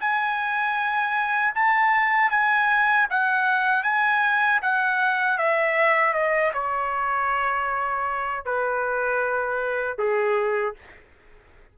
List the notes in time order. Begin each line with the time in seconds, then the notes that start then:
0.00 G#5
1.55 A5
2.30 G#5
3.10 F#5
3.84 G#5
4.62 F#5
5.38 E5
6.14 D#5
6.54 C#5
8.45 B4
9.98 G#4